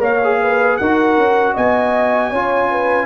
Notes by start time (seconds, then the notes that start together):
0.00 A#3 A#4 C#5 F5
0.24 G#4
0.42 B4
0.77 D#4 F#4 A#4 F#5
1.17 C#4
1.54 B3 D#5 G#5
2.31 C#4 F4 C#5
2.71 B4